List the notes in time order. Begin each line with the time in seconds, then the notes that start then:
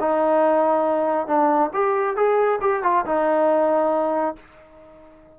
0.00 D#4
1.27 D4
1.74 G4
2.16 G#4
2.61 G4
2.83 F4
3.06 D#4